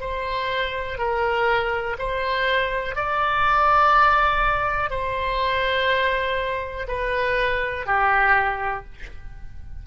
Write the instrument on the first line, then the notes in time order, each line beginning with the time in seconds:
oboe
0.00 C5
0.98 A#4
1.99 C5
2.95 D5
4.90 C5
6.88 B4
7.86 G4